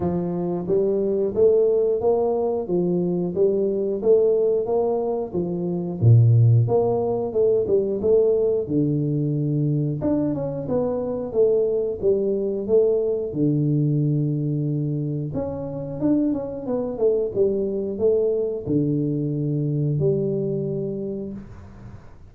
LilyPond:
\new Staff \with { instrumentName = "tuba" } { \time 4/4 \tempo 4 = 90 f4 g4 a4 ais4 | f4 g4 a4 ais4 | f4 ais,4 ais4 a8 g8 | a4 d2 d'8 cis'8 |
b4 a4 g4 a4 | d2. cis'4 | d'8 cis'8 b8 a8 g4 a4 | d2 g2 | }